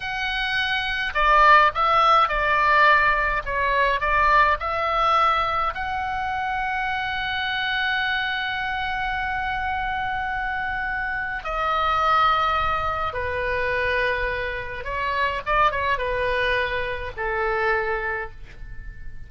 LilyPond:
\new Staff \with { instrumentName = "oboe" } { \time 4/4 \tempo 4 = 105 fis''2 d''4 e''4 | d''2 cis''4 d''4 | e''2 fis''2~ | fis''1~ |
fis''1 | dis''2. b'4~ | b'2 cis''4 d''8 cis''8 | b'2 a'2 | }